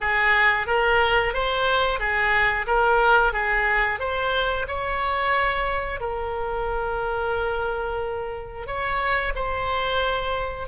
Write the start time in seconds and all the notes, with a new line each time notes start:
0.00 G#4
0.67 A#4
1.33 C5
1.99 G#4
2.66 A#4
3.32 G#4
3.99 C5
4.67 C#5
6.00 A#4
8.66 C#5
9.35 C5